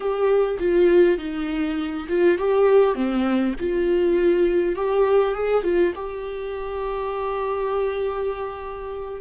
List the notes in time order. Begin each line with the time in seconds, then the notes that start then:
0.00 G4
0.59 F4
1.18 D#4
2.08 F4
2.38 G4
2.95 C4
3.59 F4
4.75 G4
5.34 G#4
5.63 F4
5.95 G4